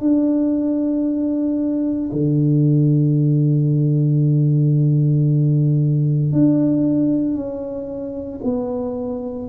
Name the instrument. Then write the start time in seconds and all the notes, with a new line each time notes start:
tuba
0.00 D4
2.12 D3
6.32 D4
7.34 C#4
8.44 B3